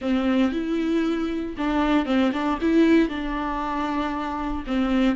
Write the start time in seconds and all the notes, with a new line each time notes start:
0.01 C4
0.52 E4
1.57 D4
2.05 C4
2.33 D4
2.61 E4
3.08 D4
4.67 C4